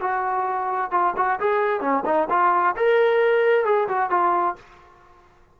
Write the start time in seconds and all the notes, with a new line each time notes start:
0.00 F#4
0.91 F4
1.17 F#4
1.40 G#4
1.81 C#4
2.05 D#4
2.30 F4
2.76 A#4
3.65 G#4
3.88 F#4
4.10 F4